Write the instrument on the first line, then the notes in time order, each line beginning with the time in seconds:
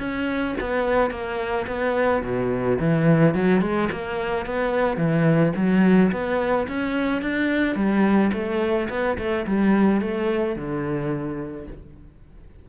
cello
0.00 C#4
0.61 B3
1.11 A#3
1.68 B3
2.23 B2
2.80 E3
3.35 F#3
3.62 G#3
3.92 A#3
4.46 B3
4.97 E3
5.56 F#3
6.12 B3
6.68 C#4
7.22 D4
7.76 G3
8.34 A3
8.90 B3
9.19 A3
9.47 G3
10.02 A3
10.57 D3